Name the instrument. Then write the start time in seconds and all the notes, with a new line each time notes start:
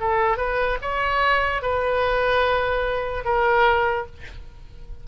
oboe
0.00 A4
0.37 B4
0.82 C#5
1.62 B4
3.25 A#4